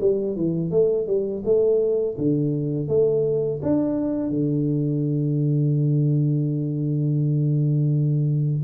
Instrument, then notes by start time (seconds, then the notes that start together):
tuba
0.00 G3
0.36 E3
0.71 A3
1.07 G3
1.45 A3
2.18 D3
2.88 A3
3.62 D4
4.29 D3